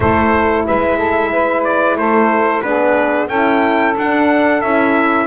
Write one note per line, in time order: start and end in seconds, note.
0.00 0.64 A3
0.00 2.63 E4
0.00 0.66 A4
0.00 0.66 C5
0.66 1.95 G#3
0.66 0.97 B4
0.66 1.63 E5
0.97 1.30 A4
1.32 1.98 B4
1.63 1.96 D5
1.95 2.61 A3
1.95 2.64 A4
1.95 2.61 C5
2.61 3.28 B3
2.61 3.29 D4
2.61 3.28 G#4
2.61 3.27 B4
3.28 3.94 C#4
3.28 3.95 E4
3.28 5.26 A4
3.28 3.94 G5
3.97 4.62 D4
3.97 4.64 D4
3.97 4.61 F#5
4.61 5.26 C#4
4.61 5.26 E4
4.61 5.26 E5